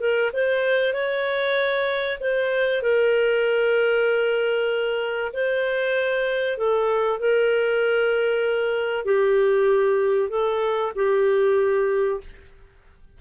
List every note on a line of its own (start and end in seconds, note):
0.00 0.31 A#4
0.33 0.93 C5
0.93 2.18 C#5
2.20 2.82 C5
2.82 5.32 A#4
5.33 6.57 C5
6.57 7.20 A4
7.20 9.05 A#4
9.05 10.30 G4
10.30 10.92 A4
10.96 12.21 G4